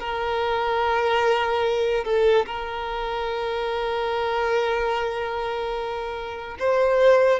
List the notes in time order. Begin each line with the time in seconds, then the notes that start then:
0.00 A#4
2.04 A4
2.46 A#4
6.59 C5